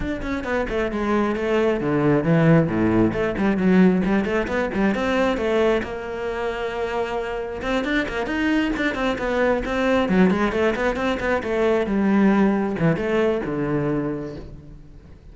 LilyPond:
\new Staff \with { instrumentName = "cello" } { \time 4/4 \tempo 4 = 134 d'8 cis'8 b8 a8 gis4 a4 | d4 e4 a,4 a8 g8 | fis4 g8 a8 b8 g8 c'4 | a4 ais2.~ |
ais4 c'8 d'8 ais8 dis'4 d'8 | c'8 b4 c'4 fis8 gis8 a8 | b8 c'8 b8 a4 g4.~ | g8 e8 a4 d2 | }